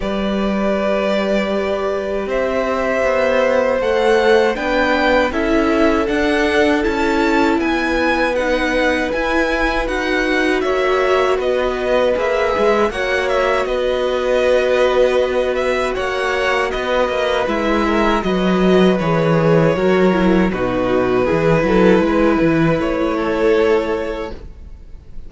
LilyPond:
<<
  \new Staff \with { instrumentName = "violin" } { \time 4/4 \tempo 4 = 79 d''2. e''4~ | e''4 fis''4 g''4 e''4 | fis''4 a''4 gis''4 fis''4 | gis''4 fis''4 e''4 dis''4 |
e''4 fis''8 e''8 dis''2~ | dis''8 e''8 fis''4 dis''4 e''4 | dis''4 cis''2 b'4~ | b'2 cis''2 | }
  \new Staff \with { instrumentName = "violin" } { \time 4/4 b'2. c''4~ | c''2 b'4 a'4~ | a'2 b'2~ | b'2 cis''4 b'4~ |
b'4 cis''4 b'2~ | b'4 cis''4 b'4. ais'8 | b'2 ais'4 fis'4 | gis'8 a'8 b'4. a'4. | }
  \new Staff \with { instrumentName = "viola" } { \time 4/4 g'1~ | g'4 a'4 d'4 e'4 | d'4 e'2 dis'4 | e'4 fis'2. |
gis'4 fis'2.~ | fis'2. e'4 | fis'4 gis'4 fis'8 e'8 dis'4 | e'1 | }
  \new Staff \with { instrumentName = "cello" } { \time 4/4 g2. c'4 | b4 a4 b4 cis'4 | d'4 cis'4 b2 | e'4 dis'4 ais4 b4 |
ais8 gis8 ais4 b2~ | b4 ais4 b8 ais8 gis4 | fis4 e4 fis4 b,4 | e8 fis8 gis8 e8 a2 | }
>>